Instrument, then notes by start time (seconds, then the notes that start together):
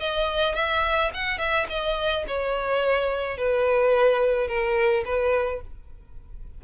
violin
0.00 D#5
0.55 E5
1.14 F#5
1.38 E5
1.70 D#5
2.27 C#5
3.38 B4
4.48 A#4
5.05 B4